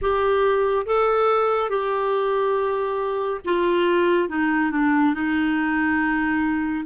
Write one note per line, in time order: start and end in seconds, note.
0.01 0.86 G4
0.86 1.69 A4
1.69 3.41 G4
3.44 4.29 F4
4.29 4.71 D#4
4.71 5.14 D4
5.14 6.85 D#4